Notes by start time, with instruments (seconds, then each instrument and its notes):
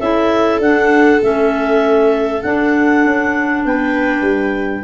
0.00 tuba C#4, clarinet E4 E5, viola A4
0.60 tuba D4, clarinet D4 F#5
1.21 tuba A3, clarinet C#4 E5
2.42 clarinet D4 F#5, tuba D4
3.05 tuba C#4
3.65 tuba B3, viola B4, clarinet G5
4.21 tuba G3